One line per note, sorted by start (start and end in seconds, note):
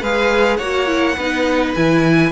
0.00 0.58 G#3
0.00 0.60 G#4
0.00 0.57 B4
0.00 0.56 F5
0.56 1.16 A#3
0.56 0.86 F#4
0.56 1.15 C#5
0.56 1.72 F#5
0.86 1.15 E4
1.15 1.74 B3
1.15 1.76 D#4
1.15 2.31 B4
1.74 2.31 E3
1.74 2.31 E4
1.74 2.31 G#5